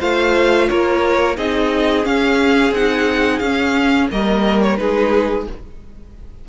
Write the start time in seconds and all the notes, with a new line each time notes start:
0.00 A3 F4 C5 F5
0.69 A#3 A#4 C#5
1.37 C4 D#4 G#4 D#5
2.04 C#4 F5
2.72 C4 D#4 F#5
3.39 C#4 F5
4.12 G3 A#3 A#4 D#5
4.62 C#5
4.77 G#3 D#4 G#4 B4